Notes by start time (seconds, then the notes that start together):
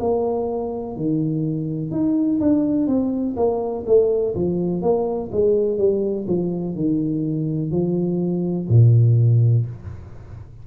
0.00 A#3
0.96 D#3
1.91 D#4
2.41 D4
2.87 C4
3.37 A#3
3.86 A3
4.35 F3
4.82 A#3
5.32 G#3
5.78 G3
6.28 F3
6.75 D#3
7.71 F3
8.69 A#2